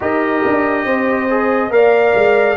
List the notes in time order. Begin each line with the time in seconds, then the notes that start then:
0.00 D#4 G4 A#4 D#5
0.46 D4
0.85 C4 C5
1.29 G#4
1.70 A#3 A#4 D5 F5
2.14 G#3